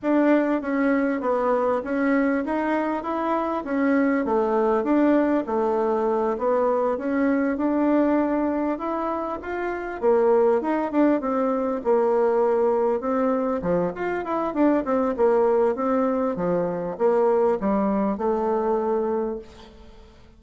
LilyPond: \new Staff \with { instrumentName = "bassoon" } { \time 4/4 \tempo 4 = 99 d'4 cis'4 b4 cis'4 | dis'4 e'4 cis'4 a4 | d'4 a4. b4 cis'8~ | cis'8 d'2 e'4 f'8~ |
f'8 ais4 dis'8 d'8 c'4 ais8~ | ais4. c'4 f8 f'8 e'8 | d'8 c'8 ais4 c'4 f4 | ais4 g4 a2 | }